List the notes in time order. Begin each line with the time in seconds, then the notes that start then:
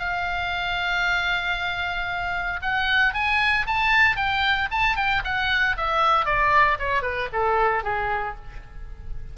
0.00 F5
2.62 F#5
3.14 G#5
3.67 A5
4.17 G5
4.71 A5
4.97 G5
5.25 F#5
5.77 E5
6.26 D5
6.80 C#5
7.02 B4
7.33 A4
7.84 G#4